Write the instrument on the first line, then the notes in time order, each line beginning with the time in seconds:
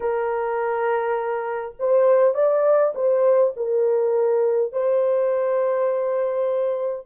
horn
0.00 A#4
1.79 C5
2.34 D5
2.94 C5
3.56 A#4
4.72 C5